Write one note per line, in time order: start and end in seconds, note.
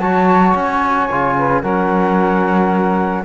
0.00 0.54 F#3
0.00 1.10 F#4
0.00 1.36 C#5
0.00 0.54 A5
0.55 1.09 C#4
0.55 1.62 G#5
1.11 1.63 C#3
1.11 1.63 F4
1.37 1.62 B4
1.62 3.25 F#3
1.62 3.25 C#4
1.62 3.24 A#4
1.62 3.24 F#5